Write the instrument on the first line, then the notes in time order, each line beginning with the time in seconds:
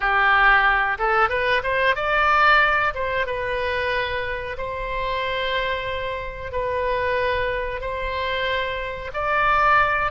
oboe
0.00 G4
0.98 A4
1.29 B4
1.63 C5
1.95 D5
2.94 C5
3.26 B4
4.57 C5
6.52 B4
7.80 C5
9.13 D5